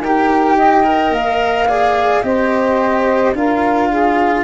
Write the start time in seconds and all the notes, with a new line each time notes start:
0.00 D#4 G4 A#4 G5
0.58 D#5
0.84 A#4
1.11 A#3 F5
1.68 G#4 D5
2.23 C4 G4 C5 D#5
3.33 D4 F4 A#4 F5
3.89 G#4